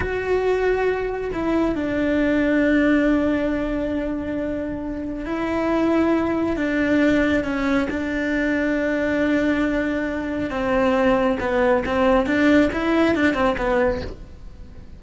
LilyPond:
\new Staff \with { instrumentName = "cello" } { \time 4/4 \tempo 4 = 137 fis'2. e'4 | d'1~ | d'1 | e'2. d'4~ |
d'4 cis'4 d'2~ | d'1 | c'2 b4 c'4 | d'4 e'4 d'8 c'8 b4 | }